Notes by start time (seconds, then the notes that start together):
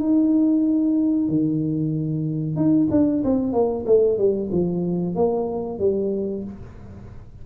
0.00 D#4
1.29 D#3
2.56 D#4
2.91 D4
3.24 C4
3.53 A#3
3.86 A3
4.18 G3
4.52 F3
5.16 A#3
5.79 G3